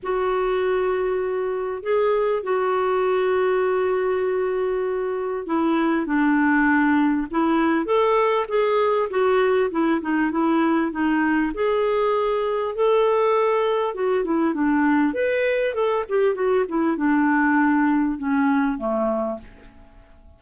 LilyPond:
\new Staff \with { instrumentName = "clarinet" } { \time 4/4 \tempo 4 = 99 fis'2. gis'4 | fis'1~ | fis'4 e'4 d'2 | e'4 a'4 gis'4 fis'4 |
e'8 dis'8 e'4 dis'4 gis'4~ | gis'4 a'2 fis'8 e'8 | d'4 b'4 a'8 g'8 fis'8 e'8 | d'2 cis'4 a4 | }